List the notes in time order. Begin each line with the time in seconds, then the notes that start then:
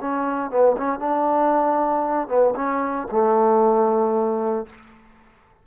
0.00 C#4
0.50 B3
0.77 C#4
0.99 D4
2.28 B3
2.55 C#4
3.11 A3